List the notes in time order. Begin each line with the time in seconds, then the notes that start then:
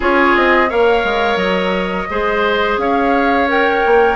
0.00 C#4 F4 G#4 C#5
0.36 C4 D#5
0.68 A#3 A#4 C#5 F5
1.04 G#3
1.36 F#3 D#5
2.10 G#3 G#4 C5
2.77 C#4 C#5 F5
3.48 A#4 G5
3.85 A#3